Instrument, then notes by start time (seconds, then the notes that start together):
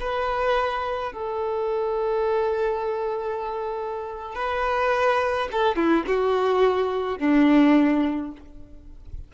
violin
0.00 B4
1.12 A4
4.35 B4
5.52 A4
5.76 E4
6.07 F#4
7.18 D4